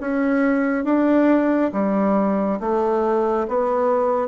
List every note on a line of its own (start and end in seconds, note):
0.00 0.84 C#4
0.84 1.71 D4
1.72 2.59 G3
2.60 3.47 A3
3.47 4.28 B3